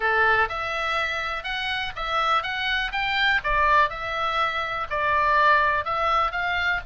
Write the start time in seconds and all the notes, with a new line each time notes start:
0.00 A4
0.48 E5
1.43 F#5
1.96 E5
2.42 F#5
2.91 G5
3.43 D5
3.89 E5
4.90 D5
5.84 E5
6.31 F5